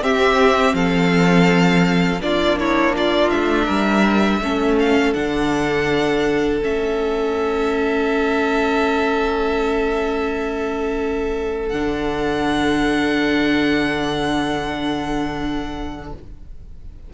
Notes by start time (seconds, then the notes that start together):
0.00 C4 G4 E5
0.73 F3 A4 F5
2.21 A#3 D4 F4 D5
2.59 E4 C#5
2.96 F4 D5
3.30 A3 E5
3.65 G3 A#4
4.40 A3 C#4 A4
4.79 F5
5.13 D3 D4 F#5
6.61 A3 C#4 E5
11.68 D3 D4 F#5